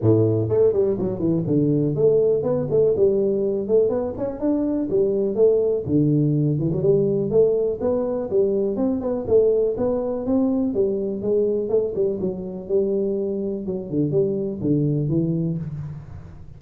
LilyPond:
\new Staff \with { instrumentName = "tuba" } { \time 4/4 \tempo 4 = 123 a,4 a8 g8 fis8 e8 d4 | a4 b8 a8 g4. a8 | b8 cis'8 d'4 g4 a4 | d4. e16 fis16 g4 a4 |
b4 g4 c'8 b8 a4 | b4 c'4 g4 gis4 | a8 g8 fis4 g2 | fis8 d8 g4 d4 e4 | }